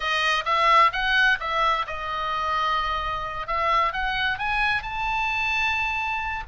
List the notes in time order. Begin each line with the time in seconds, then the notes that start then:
0.00 D#5
0.45 E5
0.92 F#5
1.40 E5
1.86 D#5
3.47 E5
3.92 F#5
4.38 G#5
4.82 A5